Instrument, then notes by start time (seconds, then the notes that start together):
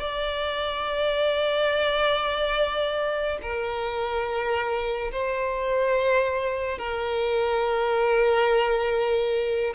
violin
0.00 D5
3.42 A#4
5.12 C5
6.78 A#4